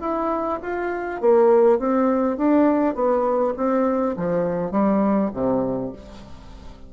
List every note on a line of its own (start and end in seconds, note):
0.00 0.59 E4
0.62 1.21 F4
1.21 1.79 A#3
1.79 2.37 C4
2.37 2.95 D4
2.95 3.53 B3
3.57 4.16 C4
4.17 4.71 F3
4.71 5.30 G3
5.34 5.93 C3